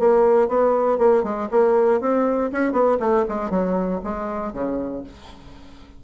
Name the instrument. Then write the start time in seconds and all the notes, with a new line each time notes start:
bassoon
0.00 A#3
0.49 B3
0.99 A#3
1.24 G#3
1.52 A#3
2.01 C4
2.53 C#4
2.73 B3
3.00 A3
3.29 G#3
3.51 F#3
4.05 G#3
4.54 C#3